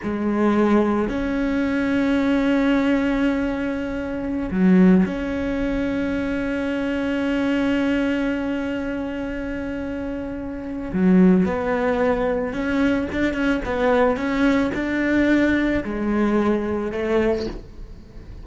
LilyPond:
\new Staff \with { instrumentName = "cello" } { \time 4/4 \tempo 4 = 110 gis2 cis'2~ | cis'1~ | cis'16 fis4 cis'2~ cis'8.~ | cis'1~ |
cis'1 | fis4 b2 cis'4 | d'8 cis'8 b4 cis'4 d'4~ | d'4 gis2 a4 | }